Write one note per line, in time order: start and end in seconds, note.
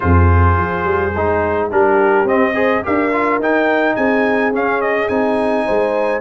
0.00 0.57 F2
0.00 1.11 F4
0.00 1.70 G#4
0.00 1.70 C5
0.57 0.84 F3
0.84 1.12 G3
1.16 1.71 G#3
1.16 1.71 D#4
1.71 2.24 G3
1.71 2.27 D4
1.71 2.53 G4
1.71 2.27 A#4
2.24 2.81 C4
2.24 2.54 C4
2.24 2.84 D#5
2.53 2.82 G#4
2.53 2.81 C5
2.83 3.39 D4
2.83 3.11 G4
2.83 3.96 A#4
2.83 3.42 F5
3.12 3.41 F4
3.39 3.96 D#4
3.39 4.52 D#4
3.39 3.95 G5
3.95 4.52 C4
3.95 5.65 G#4
3.95 4.52 G#5
4.52 5.08 C#4
4.52 5.09 C#4
4.52 4.81 F5
4.81 5.08 D#5
5.08 5.65 C4
5.08 6.21 D#4
5.08 6.21 G#5
5.65 6.21 G#3
5.65 6.21 C5